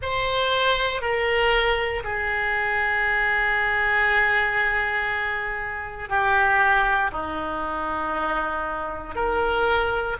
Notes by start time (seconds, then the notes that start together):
0.02 C5
1.01 A#4
2.03 G#4
6.09 G4
7.12 D#4
9.15 A#4